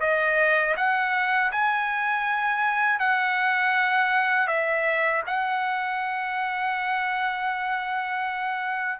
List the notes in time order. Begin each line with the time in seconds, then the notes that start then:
0.00 D#5
0.76 F#5
1.52 G#5
2.99 F#5
4.47 E5
5.26 F#5